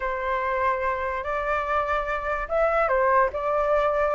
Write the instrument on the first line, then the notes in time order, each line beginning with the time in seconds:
flute
0.00 C5
1.23 D5
2.48 E5
2.88 C5
3.33 D5